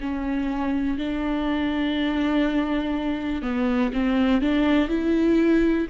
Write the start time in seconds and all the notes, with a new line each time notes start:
0.00 C#4
0.97 D4
3.42 B3
3.93 C4
4.41 D4
4.89 E4